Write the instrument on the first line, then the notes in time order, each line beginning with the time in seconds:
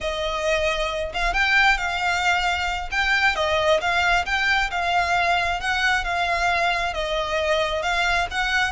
violin
0.00 D#5
1.13 F5
1.33 G5
1.77 F5
2.91 G5
3.35 D#5
3.80 F5
4.25 G5
4.71 F5
5.60 F#5
6.04 F5
6.93 D#5
7.82 F5
8.30 F#5